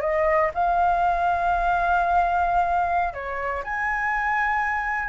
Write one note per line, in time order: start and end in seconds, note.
0.00 0.50 D#5
0.54 3.13 F5
3.13 3.63 C#5
3.63 5.08 G#5